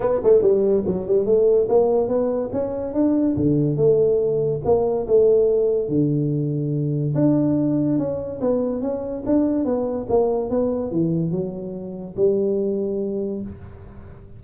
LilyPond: \new Staff \with { instrumentName = "tuba" } { \time 4/4 \tempo 4 = 143 b8 a8 g4 fis8 g8 a4 | ais4 b4 cis'4 d'4 | d4 a2 ais4 | a2 d2~ |
d4 d'2 cis'4 | b4 cis'4 d'4 b4 | ais4 b4 e4 fis4~ | fis4 g2. | }